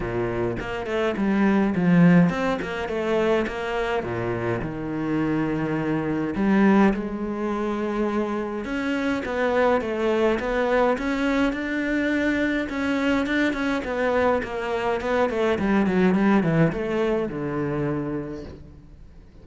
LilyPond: \new Staff \with { instrumentName = "cello" } { \time 4/4 \tempo 4 = 104 ais,4 ais8 a8 g4 f4 | c'8 ais8 a4 ais4 ais,4 | dis2. g4 | gis2. cis'4 |
b4 a4 b4 cis'4 | d'2 cis'4 d'8 cis'8 | b4 ais4 b8 a8 g8 fis8 | g8 e8 a4 d2 | }